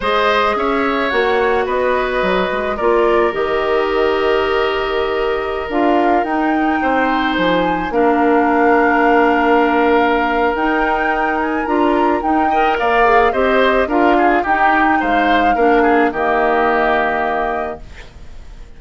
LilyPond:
<<
  \new Staff \with { instrumentName = "flute" } { \time 4/4 \tempo 4 = 108 dis''4 e''4 fis''4 dis''4~ | dis''4 d''4 dis''2~ | dis''2~ dis''16 f''4 g''8.~ | g''4~ g''16 gis''4 f''4.~ f''16~ |
f''2. g''4~ | g''8 gis''8 ais''4 g''4 f''4 | dis''4 f''4 g''4 f''4~ | f''4 dis''2. | }
  \new Staff \with { instrumentName = "oboe" } { \time 4/4 c''4 cis''2 b'4~ | b'4 ais'2.~ | ais'1~ | ais'16 c''2 ais'4.~ ais'16~ |
ais'1~ | ais'2~ ais'8 dis''8 d''4 | c''4 ais'8 gis'8 g'4 c''4 | ais'8 gis'8 g'2. | }
  \new Staff \with { instrumentName = "clarinet" } { \time 4/4 gis'2 fis'2~ | fis'4 f'4 g'2~ | g'2~ g'16 f'4 dis'8.~ | dis'2~ dis'16 d'4.~ d'16~ |
d'2. dis'4~ | dis'4 f'4 dis'8 ais'4 gis'8 | g'4 f'4 dis'2 | d'4 ais2. | }
  \new Staff \with { instrumentName = "bassoon" } { \time 4/4 gis4 cis'4 ais4 b4 | fis8 gis8 ais4 dis2~ | dis2~ dis16 d'4 dis'8.~ | dis'16 c'4 f4 ais4.~ ais16~ |
ais2. dis'4~ | dis'4 d'4 dis'4 ais4 | c'4 d'4 dis'4 gis4 | ais4 dis2. | }
>>